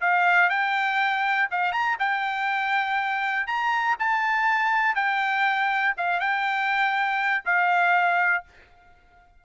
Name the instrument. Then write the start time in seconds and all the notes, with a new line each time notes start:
trumpet
0.00 F5
0.50 G5
1.51 F5
1.72 A#5
1.99 G5
3.47 A#5
3.99 A5
4.95 G5
5.97 F5
6.20 G5
7.45 F5